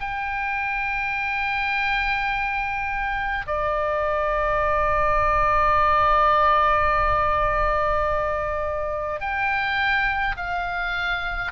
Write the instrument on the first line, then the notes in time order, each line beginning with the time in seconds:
oboe
0.00 G5
3.47 D5
9.20 G5
10.37 F5